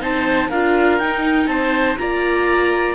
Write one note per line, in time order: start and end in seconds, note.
0.00 0.50 C4
0.00 0.50 D#4
0.00 0.49 C5
0.00 0.50 A5
0.49 0.99 D4
0.49 1.00 F4
0.49 1.48 A#4
0.49 0.98 F5
0.98 1.46 D#4
0.98 1.98 D#4
0.98 1.47 G5
1.46 1.96 C4
1.46 1.99 C5
1.46 1.97 A5
1.98 2.95 A#3
1.98 2.95 F4
1.98 2.95 D5
1.98 2.95 A#5